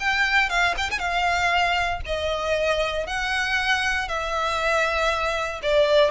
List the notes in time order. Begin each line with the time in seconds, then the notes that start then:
0.00 G5
0.49 F5
0.77 G5
0.91 G#5
0.99 F5
2.06 D#5
3.07 F#5
4.08 E5
5.63 D5